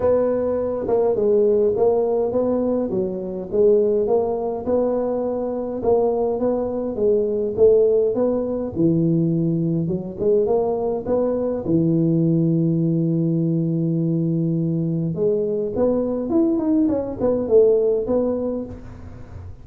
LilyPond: \new Staff \with { instrumentName = "tuba" } { \time 4/4 \tempo 4 = 103 b4. ais8 gis4 ais4 | b4 fis4 gis4 ais4 | b2 ais4 b4 | gis4 a4 b4 e4~ |
e4 fis8 gis8 ais4 b4 | e1~ | e2 gis4 b4 | e'8 dis'8 cis'8 b8 a4 b4 | }